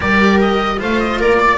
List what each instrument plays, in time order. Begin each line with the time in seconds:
0.00 double bass G3, cello G4, viola A#4, oboe D5
0.40 oboe D#5
0.77 double bass A3, cello F4, viola C5, oboe F5
1.00 oboe D#5
1.19 double bass A#3, viola A#4, oboe D5
1.39 viola D5